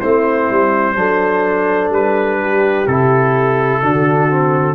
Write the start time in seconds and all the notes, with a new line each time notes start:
0.00 A3 C4 E4 C5
0.50 G3
0.95 F#3 D4 A4
1.89 G3 B4
2.40 G4
2.87 C3 E4 A4
3.82 D3 D4 F#4
4.30 C4